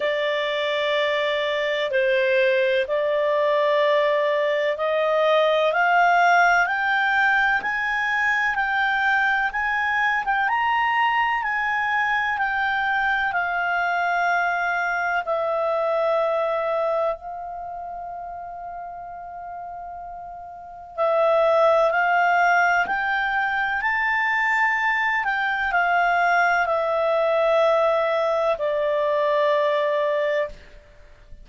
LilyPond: \new Staff \with { instrumentName = "clarinet" } { \time 4/4 \tempo 4 = 63 d''2 c''4 d''4~ | d''4 dis''4 f''4 g''4 | gis''4 g''4 gis''8. g''16 ais''4 | gis''4 g''4 f''2 |
e''2 f''2~ | f''2 e''4 f''4 | g''4 a''4. g''8 f''4 | e''2 d''2 | }